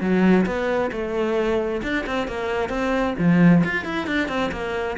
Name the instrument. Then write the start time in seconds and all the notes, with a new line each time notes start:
cello
0.00 F#3
0.46 B3
0.91 A3
1.82 D4
2.06 C4
2.27 A#3
2.69 C4
3.18 F3
3.64 F4
3.84 E4
4.06 D4
4.28 C4
4.51 A#3